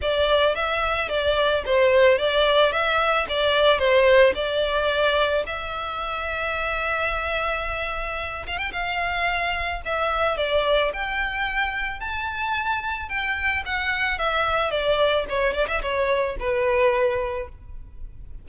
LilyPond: \new Staff \with { instrumentName = "violin" } { \time 4/4 \tempo 4 = 110 d''4 e''4 d''4 c''4 | d''4 e''4 d''4 c''4 | d''2 e''2~ | e''2.~ e''8 f''16 g''16 |
f''2 e''4 d''4 | g''2 a''2 | g''4 fis''4 e''4 d''4 | cis''8 d''16 e''16 cis''4 b'2 | }